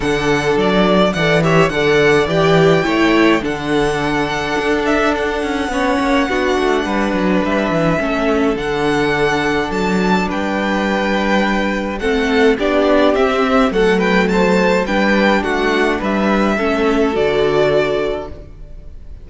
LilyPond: <<
  \new Staff \with { instrumentName = "violin" } { \time 4/4 \tempo 4 = 105 fis''4 d''4 fis''8 e''8 fis''4 | g''2 fis''2~ | fis''8 e''8 fis''2.~ | fis''4 e''2 fis''4~ |
fis''4 a''4 g''2~ | g''4 fis''4 d''4 e''4 | fis''8 g''8 a''4 g''4 fis''4 | e''2 d''2 | }
  \new Staff \with { instrumentName = "violin" } { \time 4/4 a'2 d''8 cis''8 d''4~ | d''4 cis''4 a'2~ | a'2 cis''4 fis'4 | b'2 a'2~ |
a'2 b'2~ | b'4 a'4 g'2 | a'8 b'8 c''4 b'4 fis'4 | b'4 a'2. | }
  \new Staff \with { instrumentName = "viola" } { \time 4/4 d'2 a'8 g'8 a'4 | g'4 e'4 d'2~ | d'2 cis'4 d'4~ | d'2 cis'4 d'4~ |
d'1~ | d'4 c'4 d'4 c'4 | a2 d'2~ | d'4 cis'4 fis'2 | }
  \new Staff \with { instrumentName = "cello" } { \time 4/4 d4 fis4 e4 d4 | e4 a4 d2 | d'4. cis'8 b8 ais8 b8 a8 | g8 fis8 g8 e8 a4 d4~ |
d4 fis4 g2~ | g4 a4 b4 c'4 | fis2 g4 a4 | g4 a4 d2 | }
>>